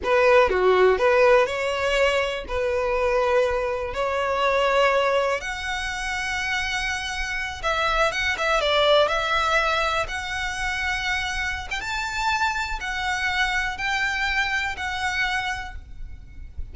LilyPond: \new Staff \with { instrumentName = "violin" } { \time 4/4 \tempo 4 = 122 b'4 fis'4 b'4 cis''4~ | cis''4 b'2. | cis''2. fis''4~ | fis''2.~ fis''8 e''8~ |
e''8 fis''8 e''8 d''4 e''4.~ | e''8 fis''2.~ fis''16 g''16 | a''2 fis''2 | g''2 fis''2 | }